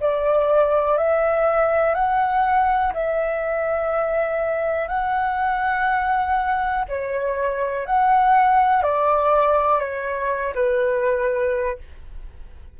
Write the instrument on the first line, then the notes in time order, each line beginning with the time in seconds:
flute
0.00 D5
0.97 E5
1.94 F#5
2.93 E5
4.88 F#5
6.89 C#5
7.86 F#5
8.83 D5
9.80 C#5
10.55 B4